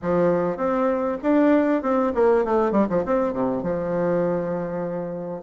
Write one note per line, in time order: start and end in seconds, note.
0.02 0.56 F3
0.56 1.17 C4
1.22 1.82 D4
1.82 2.12 C4
2.14 2.44 A#3
2.44 2.71 A3
2.71 2.87 G3
2.89 3.04 F3
3.05 3.33 C4
3.33 3.63 C3
3.63 5.42 F3